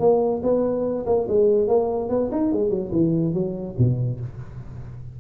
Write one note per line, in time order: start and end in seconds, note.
0.00 0.42 A#3
0.43 1.05 B3
1.06 1.27 A#3
1.28 1.68 G#3
1.68 2.09 A#3
2.09 2.30 B3
2.32 2.53 D#4
2.53 2.70 G#3
2.70 2.91 F#3
2.92 3.34 E3
3.34 3.75 F#3
3.78 4.20 B2